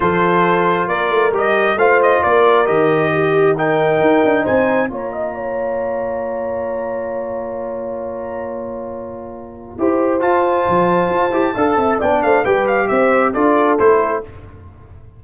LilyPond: <<
  \new Staff \with { instrumentName = "trumpet" } { \time 4/4 \tempo 4 = 135 c''2 d''4 dis''4 | f''8 dis''8 d''4 dis''2 | g''2 gis''4 ais''4~ | ais''1~ |
ais''1~ | ais''2. a''4~ | a''2. g''8 f''8 | g''8 f''8 e''4 d''4 c''4 | }
  \new Staff \with { instrumentName = "horn" } { \time 4/4 a'2 ais'2 | c''4 ais'2 g'4 | ais'2 c''4 cis''8 dis''8 | cis''1~ |
cis''1~ | cis''2 c''2~ | c''2 f''8 e''8 d''8 c''8 | b'4 c''4 a'2 | }
  \new Staff \with { instrumentName = "trombone" } { \time 4/4 f'2. g'4 | f'2 g'2 | dis'2. f'4~ | f'1~ |
f'1~ | f'2 g'4 f'4~ | f'4. g'8 a'4 d'4 | g'2 f'4 e'4 | }
  \new Staff \with { instrumentName = "tuba" } { \time 4/4 f2 ais8 a8 g4 | a4 ais4 dis2~ | dis4 dis'8 d'8 c'4 ais4~ | ais1~ |
ais1~ | ais2 e'4 f'4 | f4 f'8 e'8 d'8 c'8 b8 a8 | g4 c'4 d'4 a4 | }
>>